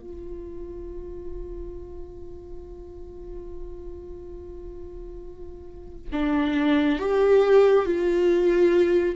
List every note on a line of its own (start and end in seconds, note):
0.00 6.09 F4
6.12 6.99 D4
6.99 7.85 G4
7.85 9.16 F4